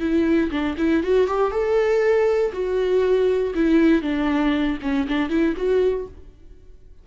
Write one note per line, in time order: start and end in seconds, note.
0.00 0.50 E4
0.51 0.76 D4
0.78 1.03 E4
1.03 1.27 F#4
1.27 1.51 G4
1.51 2.52 A4
2.53 3.54 F#4
3.55 4.02 E4
4.02 4.78 D4
4.82 5.07 C#4
5.08 5.30 D4
5.30 5.55 E4
5.57 6.07 F#4